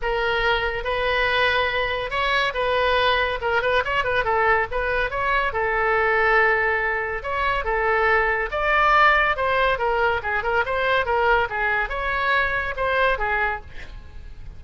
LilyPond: \new Staff \with { instrumentName = "oboe" } { \time 4/4 \tempo 4 = 141 ais'2 b'2~ | b'4 cis''4 b'2 | ais'8 b'8 cis''8 b'8 a'4 b'4 | cis''4 a'2.~ |
a'4 cis''4 a'2 | d''2 c''4 ais'4 | gis'8 ais'8 c''4 ais'4 gis'4 | cis''2 c''4 gis'4 | }